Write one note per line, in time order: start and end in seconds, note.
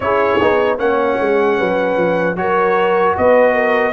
0.00 0.38 C#4
0.00 0.40 E4
0.00 0.76 G#4
0.00 0.78 C#5
0.40 0.79 B3
0.40 0.78 D#4
0.76 1.18 A#3
0.76 2.36 C#4
0.76 1.55 C#5
0.76 2.36 F#5
1.20 1.59 G#3
1.57 1.96 F#3
1.57 2.36 B4
1.96 2.35 F3
2.35 3.14 F#3
2.35 3.93 F#4
2.35 3.17 A#4
2.35 3.15 C#5
3.17 3.93 B3
3.17 3.53 B4
3.17 3.93 D#5
3.53 3.92 A#4